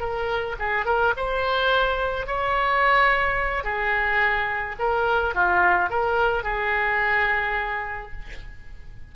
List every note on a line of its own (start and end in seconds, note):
0.00 0.56 A#4
0.59 0.86 G#4
0.86 1.14 A#4
1.17 2.27 C5
2.27 3.64 C#5
3.64 4.76 G#4
4.79 5.35 A#4
5.35 5.90 F4
5.90 6.44 A#4
6.44 8.12 G#4